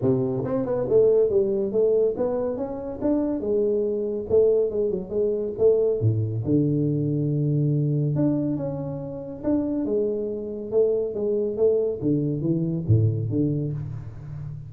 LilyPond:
\new Staff \with { instrumentName = "tuba" } { \time 4/4 \tempo 4 = 140 c4 c'8 b8 a4 g4 | a4 b4 cis'4 d'4 | gis2 a4 gis8 fis8 | gis4 a4 a,4 d4~ |
d2. d'4 | cis'2 d'4 gis4~ | gis4 a4 gis4 a4 | d4 e4 a,4 d4 | }